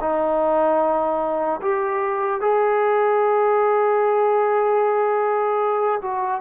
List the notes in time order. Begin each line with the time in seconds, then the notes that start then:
0.00 D#4
1.61 G4
2.40 G#4
6.02 F#4